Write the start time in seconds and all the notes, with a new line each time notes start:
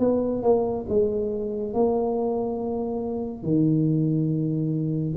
0.00 B3
0.43 A#3
0.89 G#3
1.74 A#3
3.43 D#3